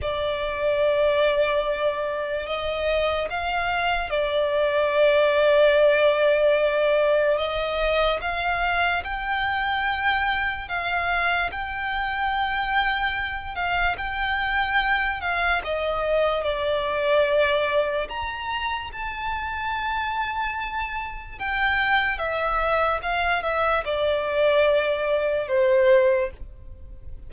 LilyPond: \new Staff \with { instrumentName = "violin" } { \time 4/4 \tempo 4 = 73 d''2. dis''4 | f''4 d''2.~ | d''4 dis''4 f''4 g''4~ | g''4 f''4 g''2~ |
g''8 f''8 g''4. f''8 dis''4 | d''2 ais''4 a''4~ | a''2 g''4 e''4 | f''8 e''8 d''2 c''4 | }